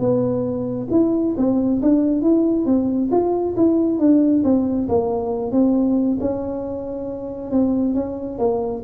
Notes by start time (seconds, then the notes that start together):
0.00 B3
0.91 E4
1.38 C4
1.82 D4
2.22 E4
2.66 C4
3.12 F4
3.57 E4
3.99 D4
4.44 C4
4.89 A#3
5.52 C4
6.21 C#4
7.52 C4
7.95 C#4
8.39 A#3